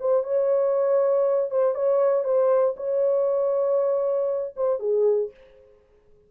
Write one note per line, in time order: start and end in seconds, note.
0.00 0.24 C5
0.24 1.50 C#5
1.51 1.75 C5
1.75 2.24 C#5
2.24 2.75 C5
2.77 4.55 C#5
4.56 4.80 C5
4.80 5.31 G#4